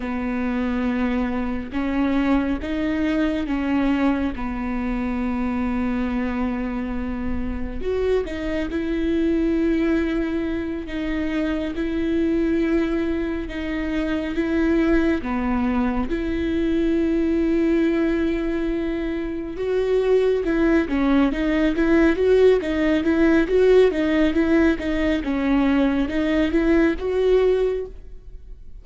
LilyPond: \new Staff \with { instrumentName = "viola" } { \time 4/4 \tempo 4 = 69 b2 cis'4 dis'4 | cis'4 b2.~ | b4 fis'8 dis'8 e'2~ | e'8 dis'4 e'2 dis'8~ |
dis'8 e'4 b4 e'4.~ | e'2~ e'8 fis'4 e'8 | cis'8 dis'8 e'8 fis'8 dis'8 e'8 fis'8 dis'8 | e'8 dis'8 cis'4 dis'8 e'8 fis'4 | }